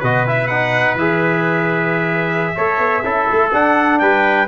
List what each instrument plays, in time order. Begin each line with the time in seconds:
0.00 tuba B2, trombone F#4, trumpet B4 D#5
0.27 trombone E4, trumpet E5
0.48 trombone D#4, trumpet F#5
0.96 tuba E3, trombone G#4, trumpet E5
2.56 tuba A3, trombone A4, trumpet C#5
2.79 tuba B3
3.04 tuba C#4, trombone E4, trumpet A4
3.32 tuba A3
3.53 tuba D4, trombone D4, trumpet F#5
4.00 tuba G3, trumpet B4 G5